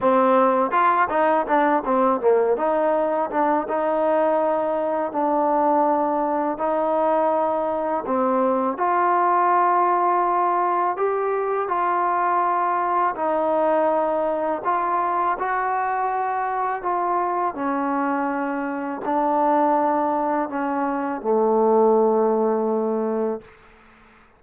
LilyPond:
\new Staff \with { instrumentName = "trombone" } { \time 4/4 \tempo 4 = 82 c'4 f'8 dis'8 d'8 c'8 ais8 dis'8~ | dis'8 d'8 dis'2 d'4~ | d'4 dis'2 c'4 | f'2. g'4 |
f'2 dis'2 | f'4 fis'2 f'4 | cis'2 d'2 | cis'4 a2. | }